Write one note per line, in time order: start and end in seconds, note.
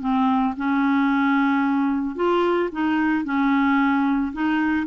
0.00 0.54 C4
0.57 2.16 C#4
2.16 2.70 F4
2.72 3.25 D#4
3.25 4.33 C#4
4.33 4.87 D#4